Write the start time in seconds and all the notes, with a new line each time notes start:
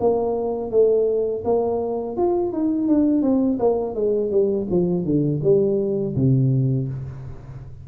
0.00 A#3
0.71 A3
1.45 A#3
2.17 F4
2.52 D#4
2.88 D4
3.22 C4
3.59 A#3
3.95 G#3
4.31 G3
4.71 F3
5.05 D3
5.43 G3
6.16 C3